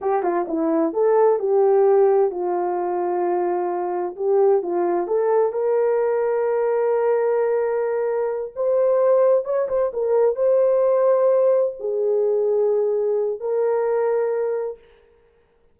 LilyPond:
\new Staff \with { instrumentName = "horn" } { \time 4/4 \tempo 4 = 130 g'8 f'8 e'4 a'4 g'4~ | g'4 f'2.~ | f'4 g'4 f'4 a'4 | ais'1~ |
ais'2~ ais'8 c''4.~ | c''8 cis''8 c''8 ais'4 c''4.~ | c''4. gis'2~ gis'8~ | gis'4 ais'2. | }